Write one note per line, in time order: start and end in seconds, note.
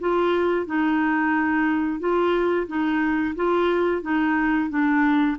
0.00 0.66 F4
0.66 2.00 D#4
2.00 2.67 F4
2.68 3.35 D#4
3.36 4.02 F4
4.02 4.70 D#4
4.70 5.37 D4